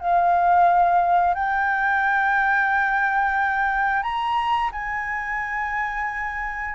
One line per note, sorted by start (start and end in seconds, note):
0.00 1.34 F5
1.34 4.02 G5
4.02 4.70 A#5
4.72 6.74 G#5